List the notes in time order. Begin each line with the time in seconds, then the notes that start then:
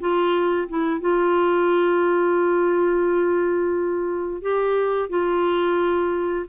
0.00 F4
0.68 E4
1.01 F4
4.42 G4
5.10 F4